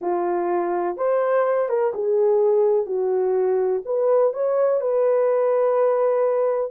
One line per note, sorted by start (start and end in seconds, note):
0.01 0.96 F4
0.96 1.68 C5
1.68 1.92 A#4
1.94 2.86 G#4
2.86 3.82 F#4
3.85 4.33 B4
4.33 4.80 C#5
4.80 6.71 B4